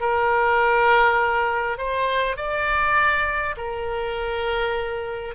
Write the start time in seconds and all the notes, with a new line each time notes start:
0.00 A#4
1.77 C5
2.37 D5
3.57 A#4